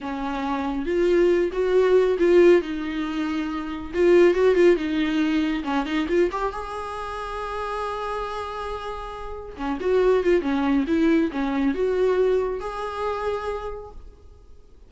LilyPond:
\new Staff \with { instrumentName = "viola" } { \time 4/4 \tempo 4 = 138 cis'2 f'4. fis'8~ | fis'4 f'4 dis'2~ | dis'4 f'4 fis'8 f'8 dis'4~ | dis'4 cis'8 dis'8 f'8 g'8 gis'4~ |
gis'1~ | gis'2 cis'8 fis'4 f'8 | cis'4 e'4 cis'4 fis'4~ | fis'4 gis'2. | }